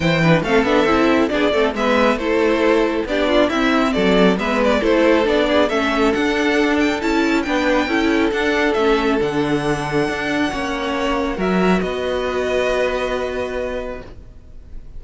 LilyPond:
<<
  \new Staff \with { instrumentName = "violin" } { \time 4/4 \tempo 4 = 137 g''4 f''8 e''4. d''4 | e''4 c''2 d''4 | e''4 d''4 e''8 d''8 c''4 | d''4 e''4 fis''4. g''8 |
a''4 g''2 fis''4 | e''4 fis''2.~ | fis''2 e''4 dis''4~ | dis''1 | }
  \new Staff \with { instrumentName = "violin" } { \time 4/4 c''8 b'8 a'2 gis'8 a'8 | b'4 a'2 g'8 f'8 | e'4 a'4 b'4 a'4~ | a'8 gis'8 a'2.~ |
a'4 b'4 a'2~ | a'1 | cis''2 ais'4 b'4~ | b'1 | }
  \new Staff \with { instrumentName = "viola" } { \time 4/4 e'8 d'8 c'8 d'8 e'4 d'8 c'8 | b4 e'2 d'4 | c'2 b4 e'4 | d'4 cis'4 d'2 |
e'4 d'4 e'4 d'4 | cis'4 d'2. | cis'2 fis'2~ | fis'1 | }
  \new Staff \with { instrumentName = "cello" } { \time 4/4 e4 a8 b8 c'4 b8 a8 | gis4 a2 b4 | c'4 fis4 gis4 a4 | b4 a4 d'2 |
cis'4 b4 cis'4 d'4 | a4 d2 d'4 | ais2 fis4 b4~ | b1 | }
>>